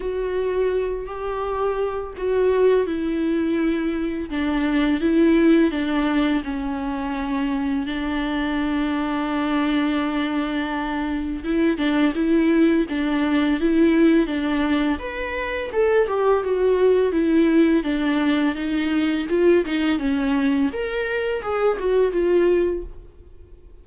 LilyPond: \new Staff \with { instrumentName = "viola" } { \time 4/4 \tempo 4 = 84 fis'4. g'4. fis'4 | e'2 d'4 e'4 | d'4 cis'2 d'4~ | d'1 |
e'8 d'8 e'4 d'4 e'4 | d'4 b'4 a'8 g'8 fis'4 | e'4 d'4 dis'4 f'8 dis'8 | cis'4 ais'4 gis'8 fis'8 f'4 | }